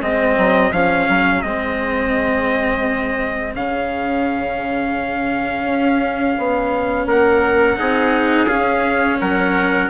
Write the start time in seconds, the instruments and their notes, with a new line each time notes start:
0.00 bassoon G#3, cello C4, trumpet G#4 D#5
0.38 bassoon F#3
0.72 bassoon F3, cello C#4, trumpet F5
1.09 bassoon F#3
1.42 bassoon G#3, cello C4, trumpet D#5
3.55 bassoon C#3, cello C#4, trumpet F5
5.65 bassoon C#4
6.38 bassoon B3
7.06 bassoon A#3, trumpet A#4 F#5
7.77 bassoon C4, cello D#4, trumpet G#4
8.46 bassoon C#4, cello C#4, trumpet F5
9.21 bassoon F#3, trumpet A#4 F#5